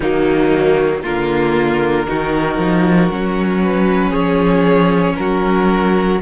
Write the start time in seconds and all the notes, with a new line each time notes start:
0.00 D#3 F#3 A#3 D#4
1.02 D3 A#3 F4 A#4
2.07 D#3 D#4 F#4
2.57 F3
3.10 F#3 C#4
3.62 B4
4.10 F3 G#4 C#5
5.16 F#3 F#4 A#4